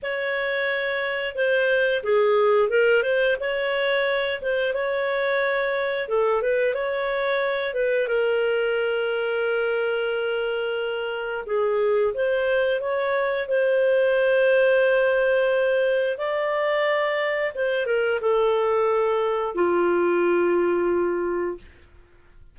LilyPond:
\new Staff \with { instrumentName = "clarinet" } { \time 4/4 \tempo 4 = 89 cis''2 c''4 gis'4 | ais'8 c''8 cis''4. c''8 cis''4~ | cis''4 a'8 b'8 cis''4. b'8 | ais'1~ |
ais'4 gis'4 c''4 cis''4 | c''1 | d''2 c''8 ais'8 a'4~ | a'4 f'2. | }